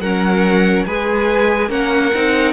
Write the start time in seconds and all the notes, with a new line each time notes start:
0.00 F#3 C#4 A#4 F#5
0.86 G#3 G#4 B4 G#5
1.69 A#3 C#4 A#4 F#5
2.14 C4 D#4